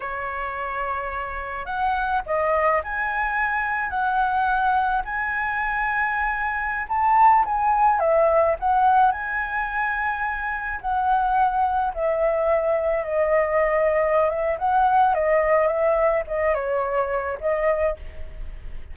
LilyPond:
\new Staff \with { instrumentName = "flute" } { \time 4/4 \tempo 4 = 107 cis''2. fis''4 | dis''4 gis''2 fis''4~ | fis''4 gis''2.~ | gis''16 a''4 gis''4 e''4 fis''8.~ |
fis''16 gis''2. fis''8.~ | fis''4~ fis''16 e''2 dis''8.~ | dis''4. e''8 fis''4 dis''4 | e''4 dis''8 cis''4. dis''4 | }